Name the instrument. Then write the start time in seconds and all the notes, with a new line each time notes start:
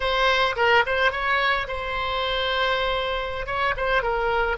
oboe
0.00 C5
0.56 A#4
0.86 C5
1.11 C#5
1.67 C5
3.46 C#5
3.76 C5
4.02 A#4